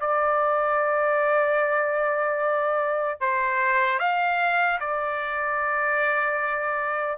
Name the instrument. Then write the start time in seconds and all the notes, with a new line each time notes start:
trumpet
0.00 D5
3.20 C5
3.99 F5
4.80 D5